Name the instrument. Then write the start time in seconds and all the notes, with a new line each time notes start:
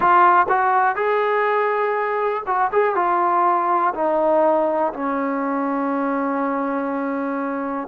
trombone
0.00 F4
0.49 F#4
0.95 G#4
2.46 F#4
2.72 G#4
2.95 F4
3.94 D#4
4.93 C#4